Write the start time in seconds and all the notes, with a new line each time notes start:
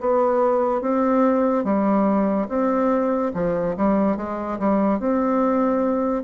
0.00 B3
0.81 C4
1.64 G3
2.48 C4
3.33 F3
3.76 G3
4.16 G#3
4.59 G3
4.99 C4